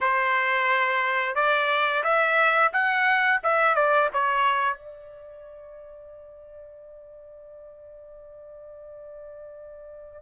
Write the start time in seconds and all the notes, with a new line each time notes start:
0.01 C5
1.35 D5
2.03 E5
2.72 F#5
3.43 E5
3.75 D5
4.13 C#5
4.77 D5